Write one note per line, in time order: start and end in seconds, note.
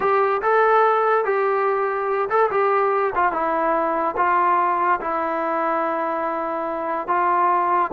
0.00 0.41 G4
0.42 1.25 A4
1.25 2.29 G4
2.29 2.50 A4
2.50 3.13 G4
3.15 3.31 F4
3.31 4.15 E4
4.16 5.00 F4
5.00 7.07 E4
7.07 7.91 F4